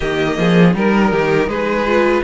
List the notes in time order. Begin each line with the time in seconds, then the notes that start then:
0.00 D#3 A#3 G4 D#5
0.38 F3 G#4
0.73 G3 D#4 A#4
1.11 D#3 G4
1.46 G#3 G#4 B4
1.86 F4